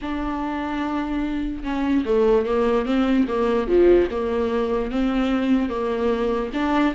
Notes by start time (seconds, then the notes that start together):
0.01 D4
1.63 C#4
2.05 A3
2.46 A#3
2.85 C4
3.28 A#3
3.67 F3
4.10 A#3
4.91 C4
5.69 A#3
6.53 D4